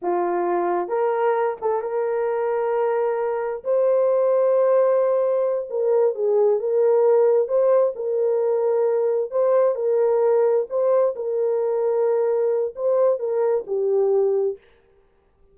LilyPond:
\new Staff \with { instrumentName = "horn" } { \time 4/4 \tempo 4 = 132 f'2 ais'4. a'8 | ais'1 | c''1~ | c''8 ais'4 gis'4 ais'4.~ |
ais'8 c''4 ais'2~ ais'8~ | ais'8 c''4 ais'2 c''8~ | c''8 ais'2.~ ais'8 | c''4 ais'4 g'2 | }